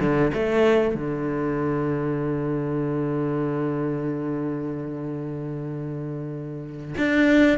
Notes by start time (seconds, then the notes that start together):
0.00 D3
0.34 A3
0.95 D3
6.98 D4